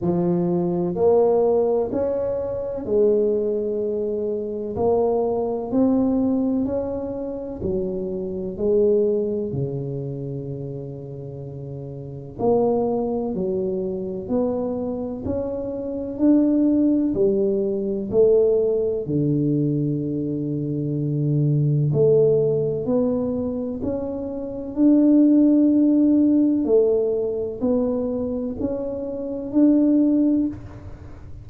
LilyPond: \new Staff \with { instrumentName = "tuba" } { \time 4/4 \tempo 4 = 63 f4 ais4 cis'4 gis4~ | gis4 ais4 c'4 cis'4 | fis4 gis4 cis2~ | cis4 ais4 fis4 b4 |
cis'4 d'4 g4 a4 | d2. a4 | b4 cis'4 d'2 | a4 b4 cis'4 d'4 | }